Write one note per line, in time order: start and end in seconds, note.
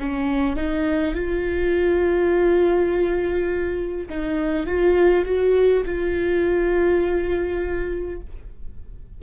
0.00 0.57 C#4
0.57 1.14 D#4
1.14 4.09 F4
4.10 4.67 D#4
4.67 5.25 F4
5.25 5.84 F#4
5.86 8.21 F4